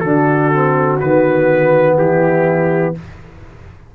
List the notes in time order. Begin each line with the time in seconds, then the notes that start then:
0.00 D3 D4 F#4 A4
0.53 C4
1.00 D#3 B3 B4
1.97 E3 E4 G4